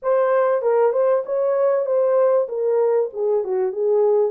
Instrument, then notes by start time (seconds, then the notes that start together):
horn
0.02 C5
0.62 A#4
0.92 C5
1.25 C#5
1.86 C5
2.48 A#4
3.13 G#4
3.44 F#4
3.72 G#4